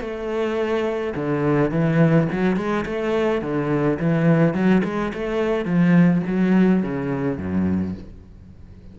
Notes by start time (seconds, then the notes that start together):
0.00 A3
1.15 D3
1.71 E3
2.32 F#3
2.56 G#3
2.85 A3
3.41 D3
3.99 E3
4.54 F#3
4.84 G#3
5.14 A3
5.65 F3
6.27 F#3
6.83 C#3
7.38 F#2